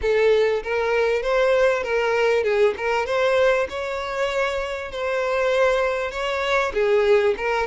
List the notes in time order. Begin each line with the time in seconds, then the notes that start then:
0.01 A4
0.63 A#4
1.22 C5
1.83 A#4
2.43 G#4
2.77 A#4
3.06 C5
3.69 C#5
4.91 C5
6.11 C#5
6.73 G#4
7.37 A#4